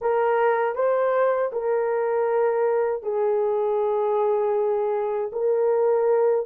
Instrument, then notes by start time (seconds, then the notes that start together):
horn
0.01 A#4
0.75 C5
1.52 A#4
3.02 G#4
5.32 A#4